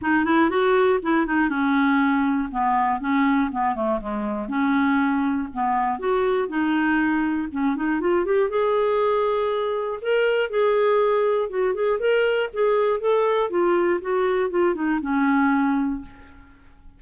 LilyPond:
\new Staff \with { instrumentName = "clarinet" } { \time 4/4 \tempo 4 = 120 dis'8 e'8 fis'4 e'8 dis'8 cis'4~ | cis'4 b4 cis'4 b8 a8 | gis4 cis'2 b4 | fis'4 dis'2 cis'8 dis'8 |
f'8 g'8 gis'2. | ais'4 gis'2 fis'8 gis'8 | ais'4 gis'4 a'4 f'4 | fis'4 f'8 dis'8 cis'2 | }